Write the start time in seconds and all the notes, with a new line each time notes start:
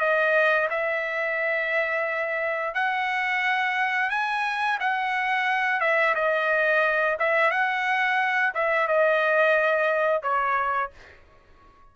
0.00 D#5
0.70 E5
2.74 F#5
4.10 G#5
4.80 F#5
5.80 E5
6.15 D#5
7.19 E5
7.51 F#5
8.54 E5
8.88 D#5
10.22 C#5